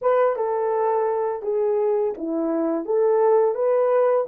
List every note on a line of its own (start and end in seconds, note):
0.01 0.35 B4
0.35 1.42 A4
1.42 2.14 G#4
2.17 2.85 E4
2.85 3.55 A4
3.55 4.26 B4